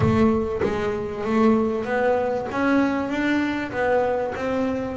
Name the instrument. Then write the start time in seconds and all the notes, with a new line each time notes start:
double bass
0.00 A3
0.62 G#3
1.24 A3
1.84 B3
2.51 C#4
3.09 D4
3.71 B3
4.35 C4